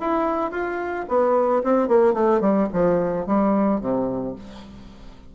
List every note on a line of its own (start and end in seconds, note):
0.00 0.51 E4
0.51 1.06 F4
1.08 1.63 B3
1.64 1.88 C4
1.88 2.13 A#3
2.13 2.41 A3
2.41 2.68 G3
2.73 3.26 F3
3.26 3.81 G3
3.81 4.35 C3